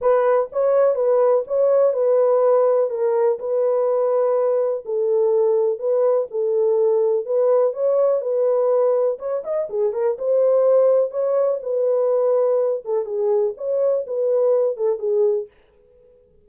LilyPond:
\new Staff \with { instrumentName = "horn" } { \time 4/4 \tempo 4 = 124 b'4 cis''4 b'4 cis''4 | b'2 ais'4 b'4~ | b'2 a'2 | b'4 a'2 b'4 |
cis''4 b'2 cis''8 dis''8 | gis'8 ais'8 c''2 cis''4 | b'2~ b'8 a'8 gis'4 | cis''4 b'4. a'8 gis'4 | }